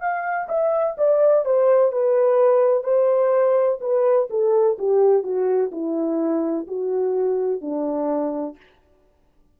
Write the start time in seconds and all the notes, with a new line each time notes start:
0.00 F5
0.48 E5
0.98 D5
1.45 C5
1.92 B4
2.84 C5
3.81 B4
4.30 A4
4.78 G4
5.23 F#4
5.72 E4
6.68 F#4
7.61 D4